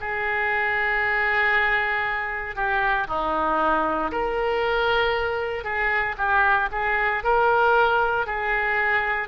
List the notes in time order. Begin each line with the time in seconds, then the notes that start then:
0.00 G#4
2.56 G4
3.08 D#4
4.11 A#4
5.64 G#4
6.17 G4
6.72 G#4
7.24 A#4
8.26 G#4